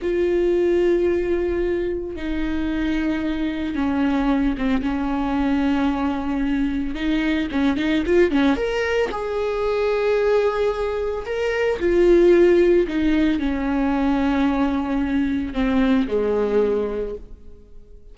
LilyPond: \new Staff \with { instrumentName = "viola" } { \time 4/4 \tempo 4 = 112 f'1 | dis'2. cis'4~ | cis'8 c'8 cis'2.~ | cis'4 dis'4 cis'8 dis'8 f'8 cis'8 |
ais'4 gis'2.~ | gis'4 ais'4 f'2 | dis'4 cis'2.~ | cis'4 c'4 gis2 | }